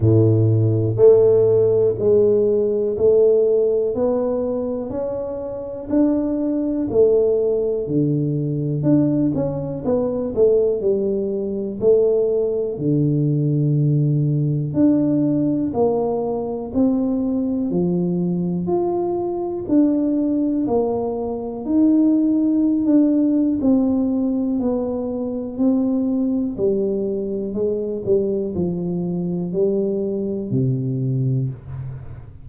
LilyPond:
\new Staff \with { instrumentName = "tuba" } { \time 4/4 \tempo 4 = 61 a,4 a4 gis4 a4 | b4 cis'4 d'4 a4 | d4 d'8 cis'8 b8 a8 g4 | a4 d2 d'4 |
ais4 c'4 f4 f'4 | d'4 ais4 dis'4~ dis'16 d'8. | c'4 b4 c'4 g4 | gis8 g8 f4 g4 c4 | }